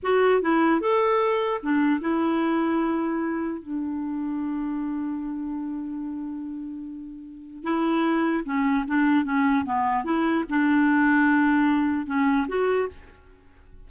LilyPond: \new Staff \with { instrumentName = "clarinet" } { \time 4/4 \tempo 4 = 149 fis'4 e'4 a'2 | d'4 e'2.~ | e'4 d'2.~ | d'1~ |
d'2. e'4~ | e'4 cis'4 d'4 cis'4 | b4 e'4 d'2~ | d'2 cis'4 fis'4 | }